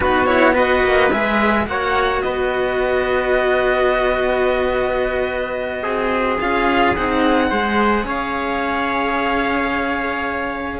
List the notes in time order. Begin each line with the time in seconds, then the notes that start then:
0.00 B3 D#4 F#4 B4
0.25 E4 C#5
0.53 F#4 B4 D#5
0.84 A#3
1.11 G#3 G#4 E5
1.65 A#3 F#4 C#5 F#5
2.22 B3 B4 D#5
5.82 C4 G#4
6.40 C#4 F4 F5
6.95 C4 D#4 F#5
7.49 G#3 G#4 C5
8.04 C#4 C#5 F5